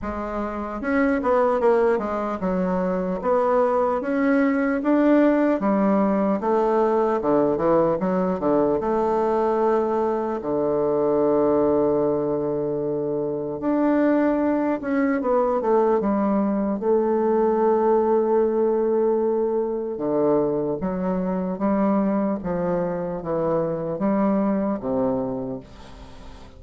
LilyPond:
\new Staff \with { instrumentName = "bassoon" } { \time 4/4 \tempo 4 = 75 gis4 cis'8 b8 ais8 gis8 fis4 | b4 cis'4 d'4 g4 | a4 d8 e8 fis8 d8 a4~ | a4 d2.~ |
d4 d'4. cis'8 b8 a8 | g4 a2.~ | a4 d4 fis4 g4 | f4 e4 g4 c4 | }